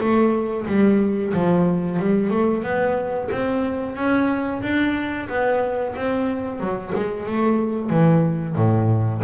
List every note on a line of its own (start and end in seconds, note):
0.00 0.66 A3
0.67 1.32 G3
1.33 1.99 F3
1.99 2.30 G3
2.30 2.63 A3
2.63 3.29 B3
3.31 3.96 C4
3.96 4.62 C#4
4.62 5.28 D4
5.29 5.95 B3
5.95 6.60 C4
6.60 6.93 F#3
6.95 7.26 G#3
7.26 7.89 A3
7.89 8.55 E3
8.55 9.21 A2